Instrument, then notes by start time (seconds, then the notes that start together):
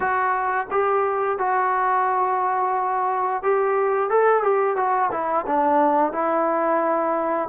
trombone
0.00 F#4
0.70 G4
1.38 F#4
3.42 G4
4.10 A4
4.43 G4
4.76 F#4
5.11 E4
5.47 D4
6.12 E4